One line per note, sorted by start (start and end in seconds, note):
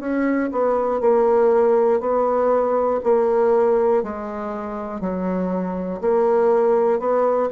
0.00 0.50 C#4
0.52 1.01 B3
1.01 2.00 A#3
2.00 3.00 B3
3.04 4.03 A#3
4.03 5.01 G#3
5.01 6.01 F#3
6.01 7.00 A#3
7.00 7.50 B3